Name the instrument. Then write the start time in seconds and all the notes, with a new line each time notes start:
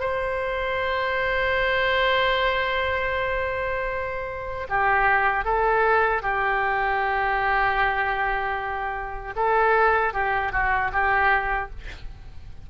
oboe
0.00 C5
4.69 G4
5.45 A4
6.22 G4
9.36 A4
10.13 G4
10.52 F#4
10.92 G4